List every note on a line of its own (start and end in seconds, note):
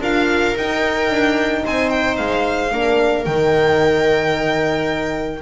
0.00 0.54 D4
0.00 0.56 F4
0.00 1.63 A#4
0.00 0.57 F5
0.56 1.09 D#4
0.56 2.72 D#4
0.56 1.65 G5
1.09 1.64 D4
1.64 2.19 C4
1.64 2.72 C5
1.64 1.89 G#5
1.89 2.16 G5
2.16 2.72 G#3
2.16 3.24 F5
2.72 3.26 A#3
2.72 3.26 D4
2.72 5.41 A#4
3.24 5.41 D#3
3.24 5.41 D#4
3.24 5.40 G5